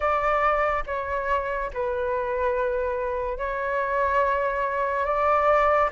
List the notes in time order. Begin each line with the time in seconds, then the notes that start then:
0.00 D5
0.86 C#5
1.73 B4
3.38 C#5
5.05 D5